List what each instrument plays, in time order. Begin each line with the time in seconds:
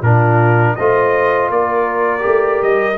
0.00 tuba A#2, trombone D4, horn F4, trumpet A#4
0.76 tuba A3, trombone F4, horn C5, trumpet D#5
1.50 tuba A#3, horn A#4, trumpet D5
2.20 tuba A3, trombone G4
2.62 tuba G3, trumpet D#5